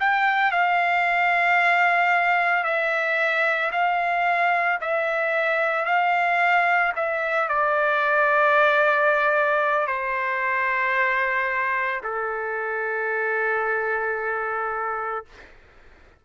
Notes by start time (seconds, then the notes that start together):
0.00 G5
0.52 F5
2.64 E5
3.72 F5
4.81 E5
5.86 F5
6.96 E5
7.49 D5
9.87 C5
12.04 A4